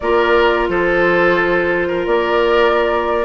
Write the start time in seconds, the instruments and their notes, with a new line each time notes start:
0.00 bassoon A#3, clarinet F4, oboe A#4, flute D5
0.69 bassoon F3, oboe A4, flute C5
1.87 oboe A#4
2.06 bassoon A#3, flute D5